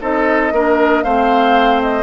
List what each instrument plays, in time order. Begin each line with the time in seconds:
0.00 bassoon C4, clarinet D#4, oboe A4, flute D#5
0.52 bassoon A#3, clarinet D4, oboe A#4
1.03 bassoon A3, clarinet C4, oboe C5, flute F5
1.82 flute D#5